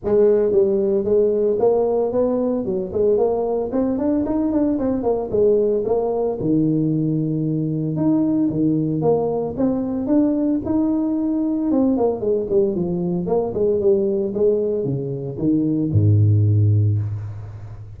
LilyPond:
\new Staff \with { instrumentName = "tuba" } { \time 4/4 \tempo 4 = 113 gis4 g4 gis4 ais4 | b4 fis8 gis8 ais4 c'8 d'8 | dis'8 d'8 c'8 ais8 gis4 ais4 | dis2. dis'4 |
dis4 ais4 c'4 d'4 | dis'2 c'8 ais8 gis8 g8 | f4 ais8 gis8 g4 gis4 | cis4 dis4 gis,2 | }